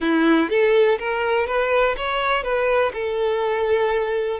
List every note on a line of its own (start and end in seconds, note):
0.00 0.49 E4
0.49 0.98 A4
0.98 1.46 A#4
1.46 1.95 B4
1.96 2.43 C#5
2.43 2.91 B4
2.93 4.39 A4